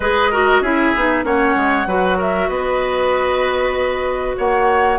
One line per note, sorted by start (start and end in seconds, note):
0.00 0.60 G#3
0.00 0.32 G#4
0.00 0.31 B4
0.00 0.62 D#5
0.31 0.64 F#4
0.31 0.62 A#4
0.60 0.92 C#4
0.60 0.95 E4
0.60 1.24 G#4
0.60 1.24 E5
0.95 1.23 B3
0.95 1.23 D#4
1.23 1.55 A#3
1.23 1.86 C#4
1.23 1.87 C#5
1.23 2.18 F#5
1.55 1.86 G#3
1.86 2.48 F#3
1.86 4.99 F#4
1.86 2.17 B4
2.17 2.48 A#4
2.17 2.49 E5
2.48 4.36 B3
2.48 4.36 B4
2.48 4.36 D#5
4.37 4.99 A#3
4.37 4.99 C#5
4.37 4.99 F#5